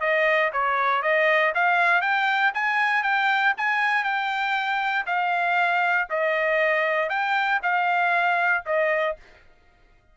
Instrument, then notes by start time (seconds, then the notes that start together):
trumpet
0.00 D#5
0.53 C#5
1.02 D#5
1.55 F5
2.01 G5
2.54 G#5
3.03 G5
3.58 G#5
4.04 G5
5.06 F5
6.10 D#5
7.09 G5
7.62 F5
8.66 D#5